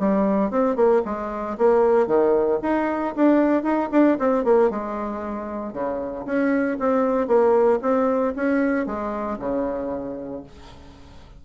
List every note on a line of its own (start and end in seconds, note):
0.00 0.51 G3
0.51 0.76 C4
0.76 1.02 A#3
1.06 1.58 G#3
1.58 2.08 A#3
2.08 2.60 D#3
2.63 3.15 D#4
3.16 3.64 D4
3.64 3.90 D#4
3.92 4.18 D4
4.20 4.45 C4
4.45 4.71 A#3
4.71 5.74 G#3
5.74 6.26 C#3
6.26 6.78 C#4
6.80 7.28 C4
7.28 7.80 A#3
7.82 8.34 C4
8.36 8.87 C#4
8.87 9.39 G#3
9.40 10.44 C#3